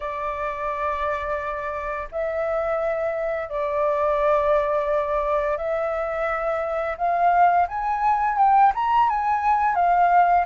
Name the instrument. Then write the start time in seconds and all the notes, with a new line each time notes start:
flute
0.00 D5
2.11 E5
3.49 D5
5.57 E5
6.97 F5
7.67 G#5
8.37 G5
8.74 A#5
9.09 G#5
9.75 F5